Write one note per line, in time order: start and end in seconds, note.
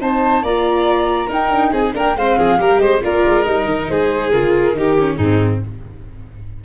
0.00 0.43 C4
0.00 0.44 D#4
0.00 0.43 C5
0.00 0.45 A5
0.43 1.29 A#3
0.43 1.29 F4
0.43 1.27 D5
0.43 1.31 A#5
1.27 1.94 D#4
1.27 1.50 D#4
1.27 1.71 A#4
1.27 1.73 G5
1.50 1.71 D4
1.72 1.94 C4
1.72 1.94 G#4
1.72 1.95 G#5
1.94 2.16 A#3
1.94 2.16 D4
1.94 2.17 A#4
1.94 2.18 G5
2.16 2.38 G#3
2.16 2.59 C4
2.16 2.39 C5
2.16 2.79 F5
2.39 2.60 F3
2.39 2.60 G#4
2.59 2.79 G3
2.59 3.02 G4
2.59 2.82 A#4
2.79 3.01 G#3
2.79 3.04 C5
2.79 3.01 D#5
3.03 3.25 A#3
3.03 3.46 F4
3.03 3.91 A#4
3.03 3.44 D5
3.25 3.46 G#3
3.44 3.66 G3
3.44 4.32 D#4
3.44 3.87 D#5
3.66 3.87 D#3
3.89 4.33 G#3
3.89 4.78 G#4
3.89 4.32 C5
4.32 4.73 C#3
4.32 4.75 F4
4.32 5.17 A#4
4.73 5.17 D#3
4.73 4.97 D#4
4.73 5.17 G4
4.99 5.21 C#4
5.17 5.61 G#2
5.17 5.65 C4
5.17 5.60 D#4
5.17 5.60 G#4